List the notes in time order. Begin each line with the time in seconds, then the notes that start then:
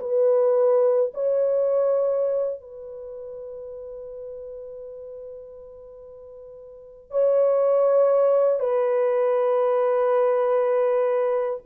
0.00 B4
1.14 C#5
2.61 B4
7.11 C#5
8.60 B4